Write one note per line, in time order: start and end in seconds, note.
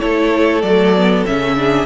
0.00 0.63 A3
0.00 0.62 E4
0.00 1.56 A4
0.00 0.62 C#5
0.62 1.24 F#3
0.62 0.96 A3
0.62 1.24 D5
0.96 1.26 B3
1.26 1.86 C#3
1.26 1.56 C#4
1.26 1.86 E5
1.56 1.86 D4
1.56 1.86 G#4